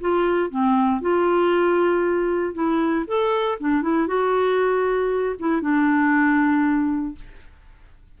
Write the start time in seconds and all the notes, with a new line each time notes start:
0.00 F4
0.50 C4
1.01 F4
2.54 E4
3.07 A4
3.60 D4
3.82 E4
4.07 F#4
5.39 E4
5.61 D4